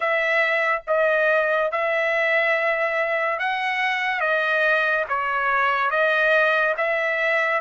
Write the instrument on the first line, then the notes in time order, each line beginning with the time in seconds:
trumpet
0.00 E5
0.87 D#5
1.71 E5
3.39 F#5
4.20 D#5
5.08 C#5
5.90 D#5
6.77 E5